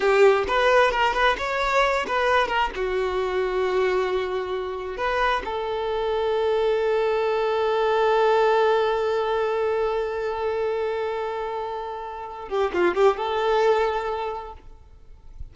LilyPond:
\new Staff \with { instrumentName = "violin" } { \time 4/4 \tempo 4 = 132 g'4 b'4 ais'8 b'8 cis''4~ | cis''8 b'4 ais'8 fis'2~ | fis'2. b'4 | a'1~ |
a'1~ | a'1~ | a'2.~ a'8 g'8 | f'8 g'8 a'2. | }